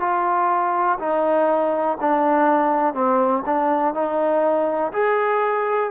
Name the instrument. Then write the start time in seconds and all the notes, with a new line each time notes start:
trombone
0.00 F4
0.99 D#4
2.00 D4
2.94 C4
3.45 D4
3.94 D#4
4.92 G#4